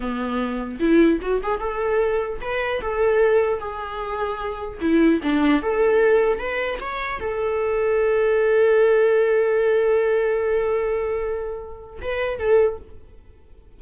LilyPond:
\new Staff \with { instrumentName = "viola" } { \time 4/4 \tempo 4 = 150 b2 e'4 fis'8 gis'8 | a'2 b'4 a'4~ | a'4 gis'2. | e'4 d'4 a'2 |
b'4 cis''4 a'2~ | a'1~ | a'1~ | a'2 b'4 a'4 | }